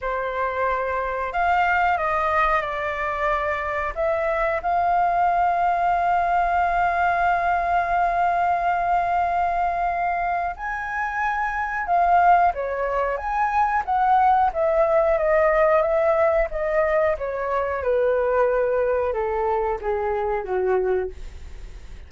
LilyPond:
\new Staff \with { instrumentName = "flute" } { \time 4/4 \tempo 4 = 91 c''2 f''4 dis''4 | d''2 e''4 f''4~ | f''1~ | f''1 |
gis''2 f''4 cis''4 | gis''4 fis''4 e''4 dis''4 | e''4 dis''4 cis''4 b'4~ | b'4 a'4 gis'4 fis'4 | }